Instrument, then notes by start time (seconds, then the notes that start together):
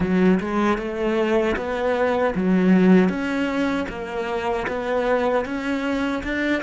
cello
0.00 F#3
0.39 G#3
0.78 A3
1.56 B3
2.35 F#3
3.09 C#4
3.89 A#3
4.68 B3
5.45 C#4
6.23 D4